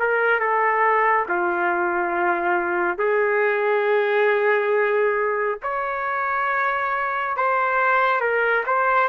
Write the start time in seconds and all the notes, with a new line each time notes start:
0.00 A#4
0.40 A4
1.29 F4
2.98 G#4
5.63 C#5
7.37 C5
8.21 A#4
8.67 C5